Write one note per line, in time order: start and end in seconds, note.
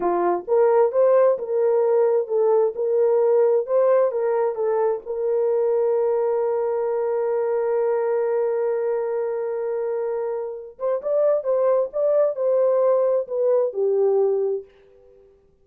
0.00 0.45 F4
0.47 0.92 A#4
0.92 1.37 C5
1.38 2.27 A#4
2.27 2.73 A4
2.75 3.66 A#4
3.66 4.11 C5
4.11 4.55 A#4
4.55 5.00 A4
5.05 10.78 A#4
10.78 11.01 C5
11.02 11.43 D5
11.43 11.89 C5
11.93 12.35 D5
12.35 13.27 C5
13.27 13.73 B4
13.73 14.64 G4